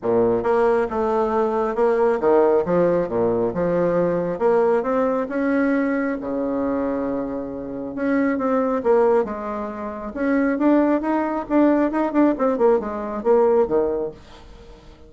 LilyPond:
\new Staff \with { instrumentName = "bassoon" } { \time 4/4 \tempo 4 = 136 ais,4 ais4 a2 | ais4 dis4 f4 ais,4 | f2 ais4 c'4 | cis'2 cis2~ |
cis2 cis'4 c'4 | ais4 gis2 cis'4 | d'4 dis'4 d'4 dis'8 d'8 | c'8 ais8 gis4 ais4 dis4 | }